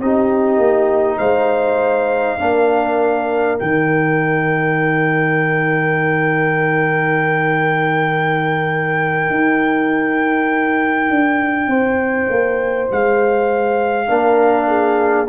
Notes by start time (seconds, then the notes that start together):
0.00 C4 D#4 G4 D#5
0.58 A#3
1.19 G#3 C5 F5
2.39 A#3 D4 A#4
3.59 D#3 D#4 G5
9.30 D#4
11.10 D4
11.67 C4 C5
12.29 A#3
12.92 G#3 F5
14.07 A#3 D4 A#4
14.68 G#4